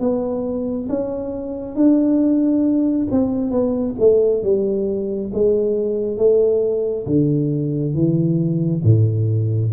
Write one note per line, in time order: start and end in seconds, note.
0.00 0.88 B3
0.89 1.75 C#4
1.75 3.08 D4
3.11 3.51 C4
3.51 3.95 B3
4.00 4.43 A3
4.43 5.31 G3
5.33 6.18 G#3
6.18 7.06 A3
7.07 7.95 D3
7.95 8.83 E3
8.84 9.72 A2